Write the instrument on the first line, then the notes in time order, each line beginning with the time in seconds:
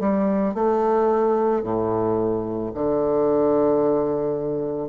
bassoon
0.00 G3
0.54 A3
1.63 A2
2.74 D3